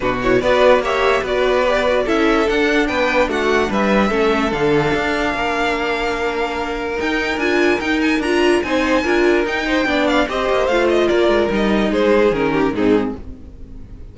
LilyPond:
<<
  \new Staff \with { instrumentName = "violin" } { \time 4/4 \tempo 4 = 146 b'8 cis''8 d''4 e''4 d''4~ | d''4 e''4 fis''4 g''4 | fis''4 e''2 f''4~ | f''1~ |
f''4 g''4 gis''4 g''8 gis''8 | ais''4 gis''2 g''4~ | g''8 f''8 dis''4 f''8 dis''8 d''4 | dis''4 c''4 ais'4 gis'4 | }
  \new Staff \with { instrumentName = "violin" } { \time 4/4 fis'4 b'4 cis''4 b'4~ | b'4 a'2 b'4 | fis'4 b'4 a'2~ | a'4 ais'2.~ |
ais'1~ | ais'4 c''4 ais'4. c''8 | d''4 c''2 ais'4~ | ais'4 gis'4. g'8 dis'4 | }
  \new Staff \with { instrumentName = "viola" } { \time 4/4 d'8 e'8 fis'4 g'4 fis'4 | g'8 fis'8 e'4 d'2~ | d'2 cis'4 d'4~ | d'1~ |
d'4 dis'4 f'4 dis'4 | f'4 dis'4 f'4 dis'4 | d'4 g'4 f'2 | dis'2 cis'4 c'4 | }
  \new Staff \with { instrumentName = "cello" } { \time 4/4 b,4 b4 ais4 b4~ | b4 cis'4 d'4 b4 | a4 g4 a4 d4 | d'4 ais2.~ |
ais4 dis'4 d'4 dis'4 | d'4 c'4 d'4 dis'4 | b4 c'8 ais8 a4 ais8 gis8 | g4 gis4 dis4 gis,4 | }
>>